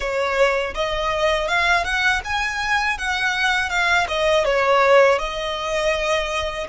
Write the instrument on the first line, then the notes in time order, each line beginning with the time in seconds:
violin
0.00 C#5
0.74 D#5
1.48 F5
1.84 F#5
2.24 G#5
2.98 F#5
3.69 F5
4.07 D#5
4.44 C#5
5.19 D#5